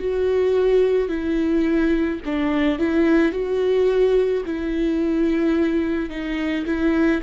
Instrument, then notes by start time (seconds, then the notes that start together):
viola
0.00 F#4
1.09 E4
2.25 D4
2.79 E4
3.32 F#4
4.46 E4
6.10 D#4
6.66 E4